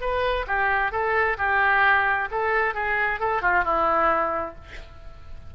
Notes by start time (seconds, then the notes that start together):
0.00 B4
0.47 G4
0.91 A4
1.37 G4
2.31 A4
2.74 G#4
3.20 A4
3.41 F4
3.64 E4